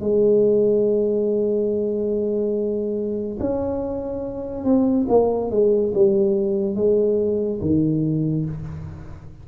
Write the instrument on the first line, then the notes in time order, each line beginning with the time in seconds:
tuba
0.00 G#3
3.40 C#4
4.64 C4
5.09 A#3
5.50 G#3
5.94 G3
6.75 G#3
7.61 D#3